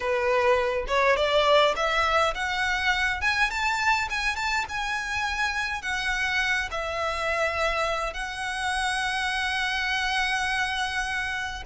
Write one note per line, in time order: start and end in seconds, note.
0.00 0.85 B4
0.87 1.16 C#5
1.16 1.74 D5
1.76 2.34 E5
2.34 3.21 F#5
3.21 3.50 G#5
3.50 4.08 A5
4.09 4.36 G#5
4.36 4.65 A5
4.68 5.81 G#5
5.81 6.69 F#5
6.71 8.13 E5
8.13 11.63 F#5